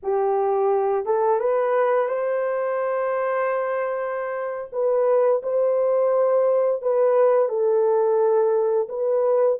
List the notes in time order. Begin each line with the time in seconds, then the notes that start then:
0.03 G4
1.05 A4
1.39 B4
2.08 C5
4.72 B4
5.43 C5
6.81 B4
7.48 A4
8.88 B4